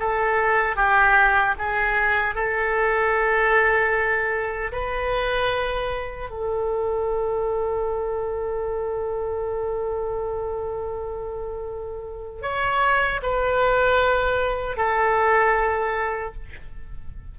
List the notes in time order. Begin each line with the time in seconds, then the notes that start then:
0.00 A4
0.76 G4
1.59 G#4
2.35 A4
4.72 B4
6.31 A4
12.42 C#5
13.23 B4
14.77 A4